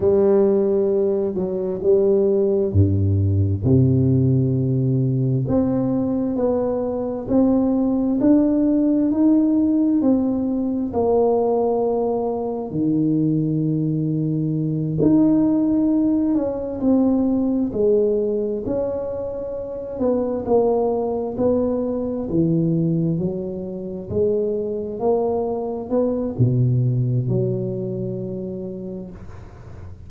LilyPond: \new Staff \with { instrumentName = "tuba" } { \time 4/4 \tempo 4 = 66 g4. fis8 g4 g,4 | c2 c'4 b4 | c'4 d'4 dis'4 c'4 | ais2 dis2~ |
dis8 dis'4. cis'8 c'4 gis8~ | gis8 cis'4. b8 ais4 b8~ | b8 e4 fis4 gis4 ais8~ | ais8 b8 b,4 fis2 | }